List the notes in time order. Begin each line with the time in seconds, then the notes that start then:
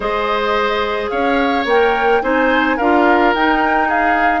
0.00 G#3 G#4 C5 D#5
1.09 C#4 C#5 F5
1.65 A#3 A#4 G5
2.22 C4 D#4 C5 G#5
2.76 D4 F4 A#4 F5
3.34 D#4 G5
3.88 G#4 F5